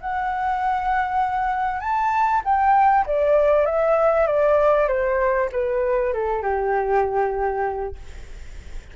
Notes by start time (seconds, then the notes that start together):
0.00 F#5
1.80 A5
2.44 G5
3.06 D5
3.65 E5
4.26 D5
4.88 C5
5.52 B4
6.13 A4
6.42 G4